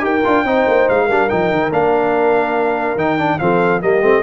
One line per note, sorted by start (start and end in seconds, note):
0.00 0.23 D#4
0.00 0.21 G4
0.00 0.46 A#4
0.00 0.89 G5
0.25 0.45 D4
0.25 0.46 F4
0.45 0.66 C4
0.45 1.09 D#4
0.45 1.06 C5
0.67 0.88 A#3
0.89 1.09 G#3
0.89 1.30 F5
1.06 1.30 G3
1.06 1.30 D4
1.06 3.37 A#4
1.30 1.52 F3
1.30 1.72 D#4
1.30 1.72 G5
1.52 1.71 D#3
1.71 2.96 A#3
1.71 2.98 D4
1.71 2.99 F5
2.96 3.38 D#3
2.96 3.19 D#4
2.96 3.39 G5
3.19 3.40 D4
3.39 3.83 F3
3.39 3.82 C4
3.39 3.83 A4
3.39 3.81 F5
3.82 4.02 G3
3.82 4.02 A#3
3.82 4.23 G4
3.82 4.23 D#5
4.02 4.23 A3
4.02 4.23 C4